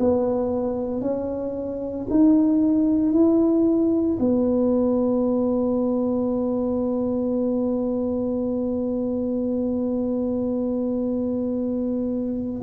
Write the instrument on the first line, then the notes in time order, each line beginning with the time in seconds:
tuba
0.00 B3
1.02 C#4
2.11 D#4
3.13 E4
4.20 B3